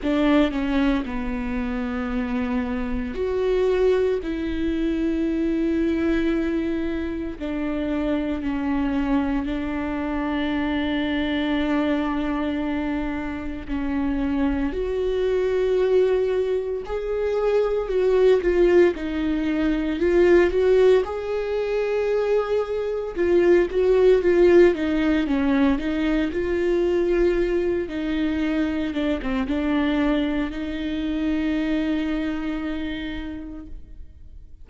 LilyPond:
\new Staff \with { instrumentName = "viola" } { \time 4/4 \tempo 4 = 57 d'8 cis'8 b2 fis'4 | e'2. d'4 | cis'4 d'2.~ | d'4 cis'4 fis'2 |
gis'4 fis'8 f'8 dis'4 f'8 fis'8 | gis'2 f'8 fis'8 f'8 dis'8 | cis'8 dis'8 f'4. dis'4 d'16 c'16 | d'4 dis'2. | }